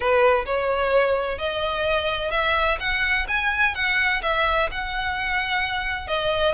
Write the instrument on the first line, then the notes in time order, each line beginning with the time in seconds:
violin
0.00 B4
0.45 C#5
1.38 D#5
2.31 E5
2.79 F#5
3.27 G#5
3.74 F#5
4.22 E5
4.71 F#5
6.07 D#5